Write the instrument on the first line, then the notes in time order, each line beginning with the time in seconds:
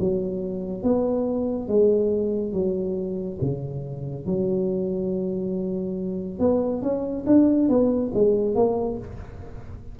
tuba
0.00 F#3
0.83 B3
1.68 G#3
2.53 F#3
3.42 C#3
4.26 F#3
6.40 B3
6.83 C#4
7.27 D4
7.69 B3
8.14 G#3
8.56 A#3